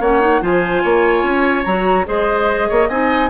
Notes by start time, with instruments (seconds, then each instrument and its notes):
0.00 bassoon A#3, clarinet C#4, oboe C#5, flute F#5
0.20 clarinet D#4
0.41 bassoon F3, clarinet F4, oboe C5, flute G#5
0.83 bassoon A#3, oboe C#5
1.23 bassoon C#4
1.64 bassoon F#3, clarinet F#4, flute A#5
2.05 bassoon G#3, clarinet G#4, oboe C5, flute D#5
2.68 bassoon A#3, oboe C#5
2.89 bassoon C4, clarinet D#4, oboe D#5, flute G#5